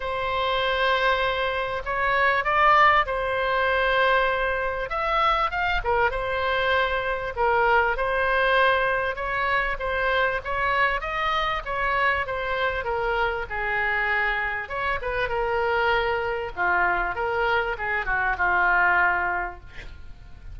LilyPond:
\new Staff \with { instrumentName = "oboe" } { \time 4/4 \tempo 4 = 98 c''2. cis''4 | d''4 c''2. | e''4 f''8 ais'8 c''2 | ais'4 c''2 cis''4 |
c''4 cis''4 dis''4 cis''4 | c''4 ais'4 gis'2 | cis''8 b'8 ais'2 f'4 | ais'4 gis'8 fis'8 f'2 | }